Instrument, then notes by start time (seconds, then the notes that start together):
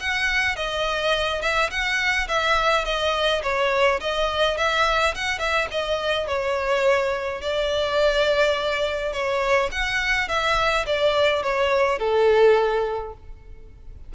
violin
0.00 F#5
0.56 D#5
1.41 E5
1.70 F#5
2.28 E5
2.85 D#5
3.43 C#5
4.00 D#5
4.57 E5
5.15 F#5
5.39 E5
5.71 D#5
6.27 C#5
7.41 D5
9.13 C#5
9.71 F#5
10.28 E5
10.86 D5
11.43 C#5
11.98 A4